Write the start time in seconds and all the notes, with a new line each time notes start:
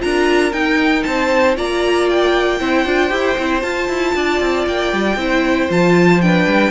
0.00 D4 F4 A#4 A#5
0.52 D#4 G5
1.03 C4 C5 A5
1.56 A#3 F4 D5 A#5
2.09 G5
2.59 C4 E4 C5
2.85 D4 F4
3.09 E4 G4
3.38 C4 E4
3.61 F4 A5
3.89 E4
4.15 D4 D5
4.40 C4
4.67 A#3 G5
4.93 G3
5.16 C4 E4 C5
5.69 F3 F4 A5
6.22 D4 B4 G5
6.47 G3